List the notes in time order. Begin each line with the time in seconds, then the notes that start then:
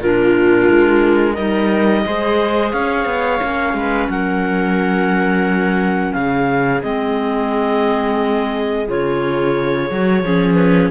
0.00 A#2 D4 F4 A#4
0.69 G#3
1.33 G3 D#4 A#4 D#5
2.04 G#3 G#4 C5
2.71 C#4 C#5 F5
3.05 B3
3.41 A#3 C#4
3.73 G#3 B4
4.08 F#3 A#4 F#5
6.13 C#3 G#4 F5
6.81 G#3 C4 D#5
8.87 C#3 F4 C#5
9.90 F#3 F#4
10.22 F3 C#4 G#4
10.54 B4